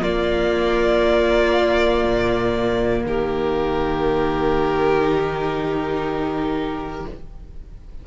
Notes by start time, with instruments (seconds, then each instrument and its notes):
0.00 viola A#3, cello A#3, violin F4 D5
2.04 cello A#2
3.05 cello D#3, violin G4 A#4
5.00 viola D#4